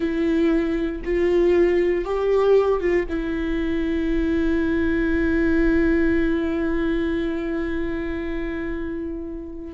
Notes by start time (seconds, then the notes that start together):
0.00 E4
1.04 F4
2.04 G4
2.80 F4
3.09 E4